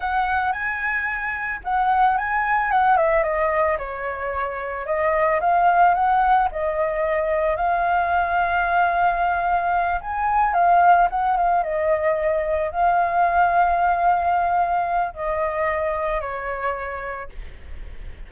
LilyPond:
\new Staff \with { instrumentName = "flute" } { \time 4/4 \tempo 4 = 111 fis''4 gis''2 fis''4 | gis''4 fis''8 e''8 dis''4 cis''4~ | cis''4 dis''4 f''4 fis''4 | dis''2 f''2~ |
f''2~ f''8 gis''4 f''8~ | f''8 fis''8 f''8 dis''2 f''8~ | f''1 | dis''2 cis''2 | }